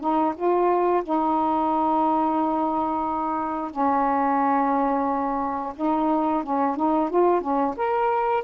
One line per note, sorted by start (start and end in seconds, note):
0.00 0.34 D#4
0.36 1.03 F4
1.03 3.71 D#4
3.71 5.73 C#4
5.76 6.43 D#4
6.43 6.76 C#4
6.76 7.10 D#4
7.10 7.41 F4
7.41 7.75 C#4
7.77 8.44 A#4